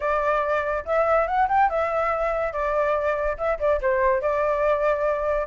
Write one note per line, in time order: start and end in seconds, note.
0.00 0.84 D5
0.85 1.27 E5
1.27 1.48 F#5
1.48 1.69 G5
1.69 2.52 E5
2.52 3.37 D5
3.37 3.58 E5
3.59 3.80 D5
3.81 4.21 C5
4.21 5.47 D5